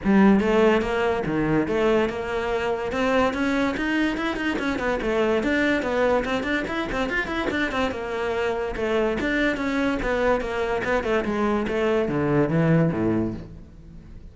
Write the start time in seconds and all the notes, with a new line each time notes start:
0.04 G3
0.40 A3
0.81 A#3
1.26 D#3
1.67 A3
2.09 A#3
2.91 C4
3.33 C#4
3.76 D#4
4.17 E4
4.36 D#4
4.59 C#4
4.78 B3
5.01 A3
5.43 D4
5.82 B3
6.24 C4
6.43 D4
6.67 E4
6.91 C4
7.09 F4
7.27 E4
7.50 D4
7.71 C4
7.91 A#3
8.75 A3
9.20 D4
9.56 C#4
10.02 B3
10.40 A#3
10.84 B3
11.03 A3
11.24 G#3
11.68 A3
12.08 D3
12.49 E3
12.92 A2